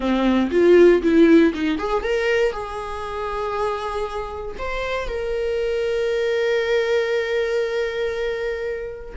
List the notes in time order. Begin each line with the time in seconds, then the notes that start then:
0.00 C4
0.51 F4
1.02 E4
1.54 D#4
1.78 G#4
2.03 A#4
2.52 G#4
4.58 C5
5.08 A#4